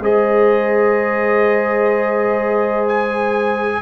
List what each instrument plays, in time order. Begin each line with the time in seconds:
0.00 tuba G#3, trombone G#4, horn C5, trumpet D#5
2.88 trumpet G#5